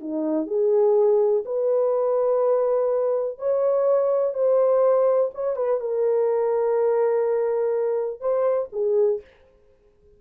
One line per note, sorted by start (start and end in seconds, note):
0.00 0.47 D#4
0.47 1.43 G#4
1.45 3.38 B4
3.38 4.34 C#5
4.34 5.30 C5
5.34 5.56 C#5
5.56 5.80 B4
5.80 8.20 A#4
8.20 8.69 C5
8.72 9.21 G#4